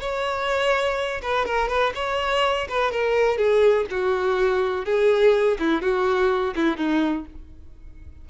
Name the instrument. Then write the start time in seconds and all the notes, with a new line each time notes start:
violin
0.00 C#5
1.22 B4
1.46 A#4
1.68 B4
1.95 C#5
2.69 B4
2.91 A#4
3.38 G#4
3.90 F#4
4.85 G#4
5.59 E4
5.81 F#4
6.55 E4
6.77 D#4